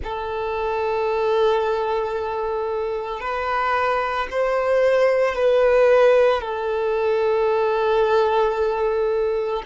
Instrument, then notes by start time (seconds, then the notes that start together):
violin
0.03 A4
3.20 B4
4.31 C5
5.35 B4
6.41 A4